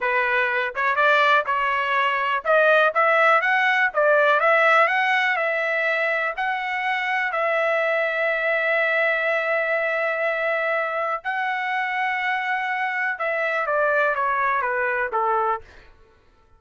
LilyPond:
\new Staff \with { instrumentName = "trumpet" } { \time 4/4 \tempo 4 = 123 b'4. cis''8 d''4 cis''4~ | cis''4 dis''4 e''4 fis''4 | d''4 e''4 fis''4 e''4~ | e''4 fis''2 e''4~ |
e''1~ | e''2. fis''4~ | fis''2. e''4 | d''4 cis''4 b'4 a'4 | }